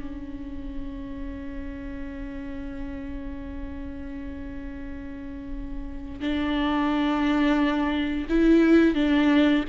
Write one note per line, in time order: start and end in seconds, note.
0.00 6.21 C#4
6.21 8.28 D4
8.30 8.95 E4
8.95 9.64 D4